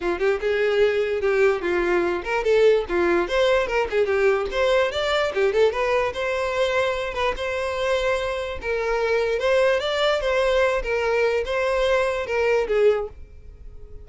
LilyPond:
\new Staff \with { instrumentName = "violin" } { \time 4/4 \tempo 4 = 147 f'8 g'8 gis'2 g'4 | f'4. ais'8 a'4 f'4 | c''4 ais'8 gis'8 g'4 c''4 | d''4 g'8 a'8 b'4 c''4~ |
c''4. b'8 c''2~ | c''4 ais'2 c''4 | d''4 c''4. ais'4. | c''2 ais'4 gis'4 | }